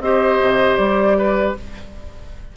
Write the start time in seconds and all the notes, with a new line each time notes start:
0.00 C4 G4 C5 D#5
0.41 C3
0.76 G3 D5
1.18 B4